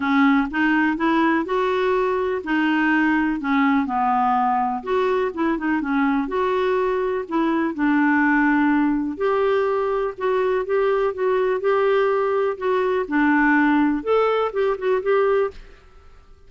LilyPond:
\new Staff \with { instrumentName = "clarinet" } { \time 4/4 \tempo 4 = 124 cis'4 dis'4 e'4 fis'4~ | fis'4 dis'2 cis'4 | b2 fis'4 e'8 dis'8 | cis'4 fis'2 e'4 |
d'2. g'4~ | g'4 fis'4 g'4 fis'4 | g'2 fis'4 d'4~ | d'4 a'4 g'8 fis'8 g'4 | }